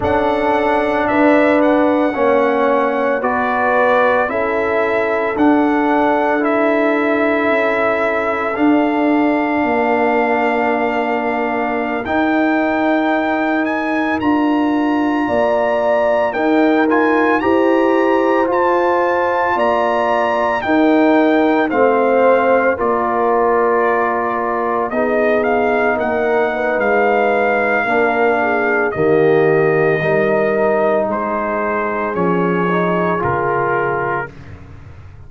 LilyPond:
<<
  \new Staff \with { instrumentName = "trumpet" } { \time 4/4 \tempo 4 = 56 fis''4 e''8 fis''4. d''4 | e''4 fis''4 e''2 | f''2.~ f''16 g''8.~ | g''8. gis''8 ais''2 g''8 gis''16~ |
gis''16 ais''4 a''4 ais''4 g''8.~ | g''16 f''4 d''2 dis''8 f''16~ | f''16 fis''8. f''2 dis''4~ | dis''4 c''4 cis''4 ais'4 | }
  \new Staff \with { instrumentName = "horn" } { \time 4/4 a'4 b'4 cis''4 b'4 | a'1~ | a'4 ais'2.~ | ais'2~ ais'16 d''4 ais'8.~ |
ais'16 c''2 d''4 ais'8.~ | ais'16 c''4 ais'2 gis'8.~ | gis'16 ais'8 b'4~ b'16 ais'8 gis'8 g'4 | ais'4 gis'2. | }
  \new Staff \with { instrumentName = "trombone" } { \time 4/4 d'2 cis'4 fis'4 | e'4 d'4 e'2 | d'2.~ d'16 dis'8.~ | dis'4~ dis'16 f'2 dis'8 f'16~ |
f'16 g'4 f'2 dis'8.~ | dis'16 c'4 f'2 dis'8.~ | dis'2 d'4 ais4 | dis'2 cis'8 dis'8 f'4 | }
  \new Staff \with { instrumentName = "tuba" } { \time 4/4 cis'4 d'4 ais4 b4 | cis'4 d'2 cis'4 | d'4 ais2~ ais16 dis'8.~ | dis'4~ dis'16 d'4 ais4 dis'8.~ |
dis'16 e'4 f'4 ais4 dis'8.~ | dis'16 a4 ais2 b8.~ | b16 ais8. gis4 ais4 dis4 | g4 gis4 f4 cis4 | }
>>